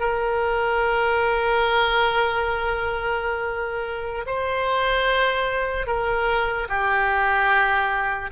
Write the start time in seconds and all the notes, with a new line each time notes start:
0.00 A#4
4.27 C5
5.87 A#4
6.69 G4